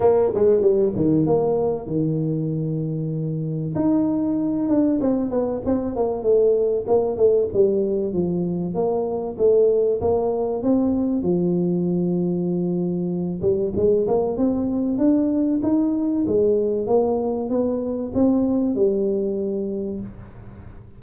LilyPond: \new Staff \with { instrumentName = "tuba" } { \time 4/4 \tempo 4 = 96 ais8 gis8 g8 dis8 ais4 dis4~ | dis2 dis'4. d'8 | c'8 b8 c'8 ais8 a4 ais8 a8 | g4 f4 ais4 a4 |
ais4 c'4 f2~ | f4. g8 gis8 ais8 c'4 | d'4 dis'4 gis4 ais4 | b4 c'4 g2 | }